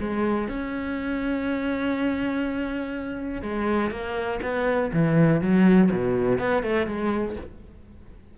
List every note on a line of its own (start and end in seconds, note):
0.00 0.48 G#3
0.48 3.42 C#4
3.42 3.91 G#3
3.91 4.40 A#3
4.42 4.91 B3
4.93 5.41 E3
5.41 5.90 F#3
5.91 6.39 B2
6.39 6.63 B3
6.63 6.87 A3
6.87 7.36 G#3